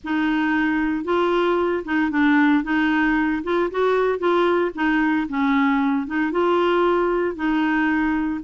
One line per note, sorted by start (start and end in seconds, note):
0.04 1.04 D#4
1.04 1.83 F4
1.84 2.11 D#4
2.11 2.63 D4
2.63 3.42 D#4
3.43 3.69 F4
3.71 4.18 F#4
4.18 4.71 F4
4.74 5.27 D#4
5.28 6.06 C#4
6.06 6.31 D#4
6.31 7.35 F4
7.35 8.41 D#4